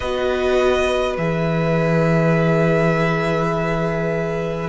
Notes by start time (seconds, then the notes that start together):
0.00 B3 F#4 B4 D#5
1.17 E3 G#4 E5